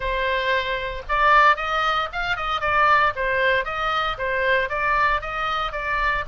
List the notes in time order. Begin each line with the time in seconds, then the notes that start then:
0.00 C5
1.08 D5
1.56 D#5
2.12 F5
2.36 D#5
2.61 D5
3.15 C5
3.65 D#5
4.18 C5
4.69 D5
5.21 D#5
5.72 D5